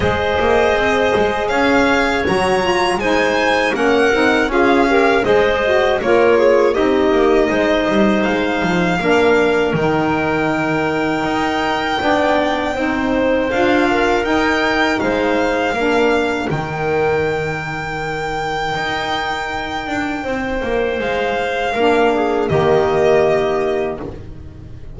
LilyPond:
<<
  \new Staff \with { instrumentName = "violin" } { \time 4/4 \tempo 4 = 80 dis''2 f''4 ais''4 | gis''4 fis''4 f''4 dis''4 | cis''4 dis''2 f''4~ | f''4 g''2.~ |
g''2 f''4 g''4 | f''2 g''2~ | g''1 | f''2 dis''2 | }
  \new Staff \with { instrumentName = "clarinet" } { \time 4/4 c''2 cis''2 | c''4 ais'4 gis'8 ais'8 c''4 | ais'8 gis'8 g'4 c''2 | ais'1 |
d''4 c''4. ais'4. | c''4 ais'2.~ | ais'2. c''4~ | c''4 ais'8 gis'8 g'2 | }
  \new Staff \with { instrumentName = "saxophone" } { \time 4/4 gis'2. fis'8 f'8 | dis'4 cis'8 dis'8 f'8 g'8 gis'8 fis'8 | f'4 dis'2. | d'4 dis'2. |
d'4 dis'4 f'4 dis'4~ | dis'4 d'4 dis'2~ | dis'1~ | dis'4 d'4 ais2 | }
  \new Staff \with { instrumentName = "double bass" } { \time 4/4 gis8 ais8 c'8 gis8 cis'4 fis4 | gis4 ais8 c'8 cis'4 gis4 | ais4 c'8 ais8 gis8 g8 gis8 f8 | ais4 dis2 dis'4 |
b4 c'4 d'4 dis'4 | gis4 ais4 dis2~ | dis4 dis'4. d'8 c'8 ais8 | gis4 ais4 dis2 | }
>>